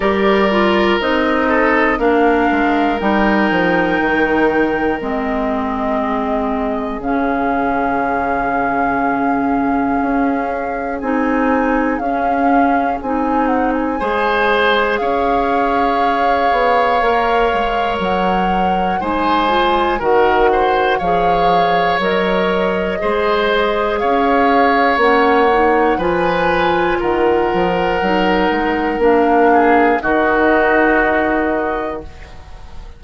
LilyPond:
<<
  \new Staff \with { instrumentName = "flute" } { \time 4/4 \tempo 4 = 60 d''4 dis''4 f''4 g''4~ | g''4 dis''2 f''4~ | f''2. gis''4 | f''4 gis''8 fis''16 gis''4~ gis''16 f''4~ |
f''2 fis''4 gis''4 | fis''4 f''4 dis''2 | f''4 fis''4 gis''4 fis''4~ | fis''4 f''4 dis''2 | }
  \new Staff \with { instrumentName = "oboe" } { \time 4/4 ais'4. a'8 ais'2~ | ais'2 gis'2~ | gis'1~ | gis'2 c''4 cis''4~ |
cis''2. c''4 | ais'8 c''8 cis''2 c''4 | cis''2 b'4 ais'4~ | ais'4. gis'8 fis'2 | }
  \new Staff \with { instrumentName = "clarinet" } { \time 4/4 g'8 f'8 dis'4 d'4 dis'4~ | dis'4 c'2 cis'4~ | cis'2. dis'4 | cis'4 dis'4 gis'2~ |
gis'4 ais'2 dis'8 f'8 | fis'4 gis'4 ais'4 gis'4~ | gis'4 cis'8 dis'8 f'2 | dis'4 d'4 dis'2 | }
  \new Staff \with { instrumentName = "bassoon" } { \time 4/4 g4 c'4 ais8 gis8 g8 f8 | dis4 gis2 cis4~ | cis2 cis'4 c'4 | cis'4 c'4 gis4 cis'4~ |
cis'8 b8 ais8 gis8 fis4 gis4 | dis4 f4 fis4 gis4 | cis'4 ais4 f4 dis8 f8 | fis8 gis8 ais4 dis2 | }
>>